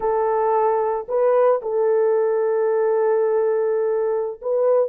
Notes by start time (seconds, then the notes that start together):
0.00 A4
1.08 B4
1.62 A4
4.41 B4